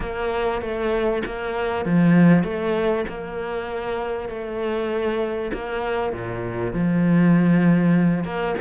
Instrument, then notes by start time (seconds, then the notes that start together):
cello
0.00 A#3
0.61 A3
1.25 A#3
1.85 F3
2.43 A3
3.08 A#3
4.29 A3
5.53 A#3
6.12 A#2
6.73 F3
8.24 A#3